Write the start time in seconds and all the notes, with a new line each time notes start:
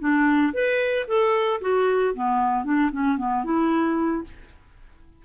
0.00 D4
0.53 B4
1.07 A4
1.61 F#4
2.14 B3
2.64 D4
2.92 C#4
3.18 B3
3.44 E4